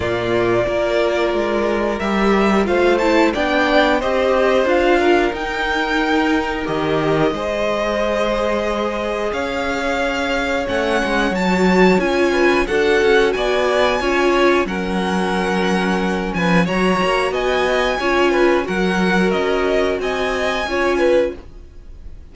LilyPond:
<<
  \new Staff \with { instrumentName = "violin" } { \time 4/4 \tempo 4 = 90 d''2. e''4 | f''8 a''8 g''4 dis''4 f''4 | g''2 dis''2~ | dis''2 f''2 |
fis''4 a''4 gis''4 fis''4 | gis''2 fis''2~ | fis''8 gis''8 ais''4 gis''2 | fis''4 dis''4 gis''2 | }
  \new Staff \with { instrumentName = "violin" } { \time 4/4 f'4 ais'2. | c''4 d''4 c''4. ais'8~ | ais'2. c''4~ | c''2 cis''2~ |
cis''2~ cis''8 b'8 a'4 | d''4 cis''4 ais'2~ | ais'8 b'8 cis''4 dis''4 cis''8 b'8 | ais'2 dis''4 cis''8 b'8 | }
  \new Staff \with { instrumentName = "viola" } { \time 4/4 ais4 f'2 g'4 | f'8 e'8 d'4 g'4 f'4 | dis'2 g'4 gis'4~ | gis'1 |
cis'4 fis'4 f'4 fis'4~ | fis'4 f'4 cis'2~ | cis'4 fis'2 f'4 | fis'2. f'4 | }
  \new Staff \with { instrumentName = "cello" } { \time 4/4 ais,4 ais4 gis4 g4 | a4 b4 c'4 d'4 | dis'2 dis4 gis4~ | gis2 cis'2 |
a8 gis8 fis4 cis'4 d'8 cis'8 | b4 cis'4 fis2~ | fis8 f8 fis8 ais8 b4 cis'4 | fis4 cis'4 c'4 cis'4 | }
>>